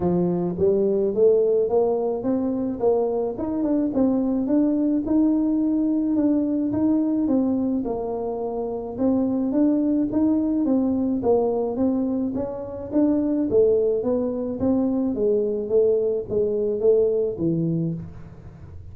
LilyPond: \new Staff \with { instrumentName = "tuba" } { \time 4/4 \tempo 4 = 107 f4 g4 a4 ais4 | c'4 ais4 dis'8 d'8 c'4 | d'4 dis'2 d'4 | dis'4 c'4 ais2 |
c'4 d'4 dis'4 c'4 | ais4 c'4 cis'4 d'4 | a4 b4 c'4 gis4 | a4 gis4 a4 e4 | }